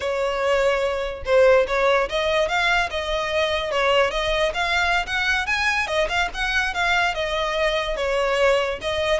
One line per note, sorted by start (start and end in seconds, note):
0.00 1.23 C#5
1.25 1.66 C5
1.67 2.08 C#5
2.09 2.48 D#5
2.48 2.89 F5
2.90 3.71 D#5
3.71 4.10 C#5
4.10 4.52 D#5
4.54 5.06 F5
5.06 5.46 F#5
5.46 5.87 G#5
5.87 6.08 D#5
6.08 6.29 F5
6.33 6.74 F#5
6.74 7.14 F5
7.14 7.96 D#5
7.96 8.79 C#5
8.81 9.20 D#5